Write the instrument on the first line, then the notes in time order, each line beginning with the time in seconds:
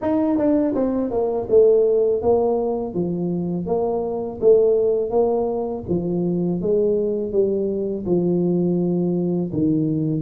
tuba
0.01 D#4
0.37 D4
0.74 C4
1.10 A#3
1.49 A3
2.22 A#3
2.93 F3
3.66 A#3
4.41 A3
5.10 A#3
5.88 F3
6.61 G#3
7.32 G3
8.05 F3
9.52 D#3